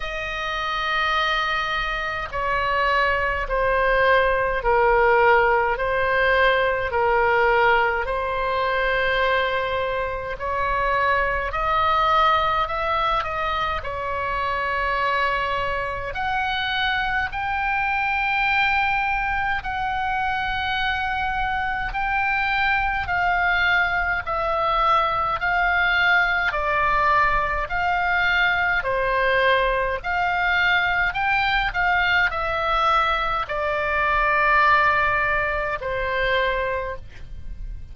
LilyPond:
\new Staff \with { instrumentName = "oboe" } { \time 4/4 \tempo 4 = 52 dis''2 cis''4 c''4 | ais'4 c''4 ais'4 c''4~ | c''4 cis''4 dis''4 e''8 dis''8 | cis''2 fis''4 g''4~ |
g''4 fis''2 g''4 | f''4 e''4 f''4 d''4 | f''4 c''4 f''4 g''8 f''8 | e''4 d''2 c''4 | }